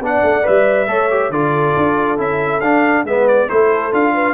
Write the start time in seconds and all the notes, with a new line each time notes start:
0.00 B3 D4 D5 F#5
0.22 A3
0.42 G3 B4 E5
0.87 A3 A4 C#5
1.10 G4
1.29 D3 F4 A4 D5
1.76 D4
2.17 C#4 E4 E5
2.60 D4 F5
3.04 G#3 B3 B4 E5
3.27 D5
3.48 A3 E4 A4 C5
3.92 D4 F4 F5
4.13 B4